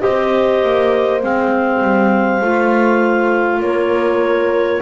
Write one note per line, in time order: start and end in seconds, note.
0.00 0.63 C4
0.00 1.20 G4
0.00 3.61 C5
0.00 1.20 D#5
0.63 1.23 A#3
1.22 1.82 G#3
1.22 2.41 C4
1.22 3.61 F5
1.82 2.41 G3
2.41 3.60 A3
2.41 4.81 F4
3.60 4.80 A#3
3.60 4.81 A#4
3.60 4.81 C#5